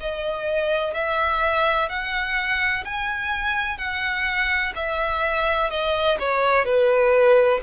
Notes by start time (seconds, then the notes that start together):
0.00 D#5
0.94 E5
1.89 F#5
2.85 G#5
3.77 F#5
4.75 E5
5.70 D#5
6.19 C#5
6.65 B4